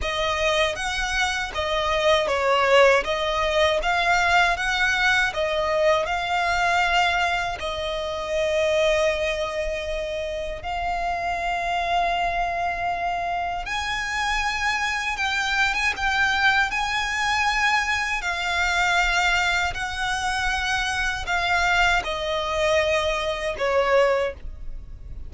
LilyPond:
\new Staff \with { instrumentName = "violin" } { \time 4/4 \tempo 4 = 79 dis''4 fis''4 dis''4 cis''4 | dis''4 f''4 fis''4 dis''4 | f''2 dis''2~ | dis''2 f''2~ |
f''2 gis''2 | g''8. gis''16 g''4 gis''2 | f''2 fis''2 | f''4 dis''2 cis''4 | }